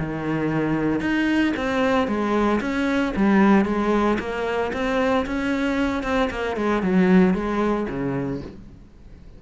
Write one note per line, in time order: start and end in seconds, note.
0.00 1.01 D#3
1.01 1.54 D#4
1.57 2.08 C4
2.08 2.61 G#3
2.61 3.14 C#4
3.17 3.66 G3
3.66 4.19 G#3
4.20 4.72 A#3
4.74 5.26 C4
5.27 6.04 C#4
6.04 6.30 C4
6.31 6.57 A#3
6.57 6.83 G#3
6.83 7.35 F#3
7.35 7.87 G#3
7.90 8.42 C#3